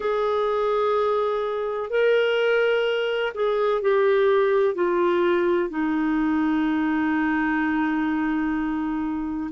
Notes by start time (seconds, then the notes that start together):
0.00 G#4
1.90 A#4
3.34 G#4
3.81 G4
4.74 F4
5.69 D#4